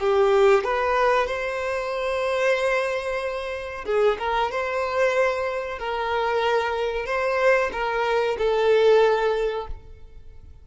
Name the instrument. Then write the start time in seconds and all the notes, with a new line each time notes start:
violin
0.00 G4
0.64 B4
1.27 C5
3.86 G#4
4.19 A#4
4.52 C5
5.79 A#4
7.06 C5
7.73 A#4
8.39 A4